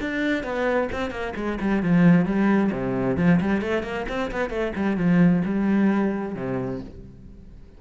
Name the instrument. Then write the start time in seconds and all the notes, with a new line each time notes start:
cello
0.00 D4
0.43 B3
0.92 C4
1.10 A#3
1.36 G#3
1.60 G3
1.82 F3
2.25 G3
2.71 C3
3.17 F3
3.40 G3
3.61 A3
3.83 A#3
4.08 C4
4.31 B3
4.49 A3
4.75 G3
4.97 F3
5.44 G3
6.35 C3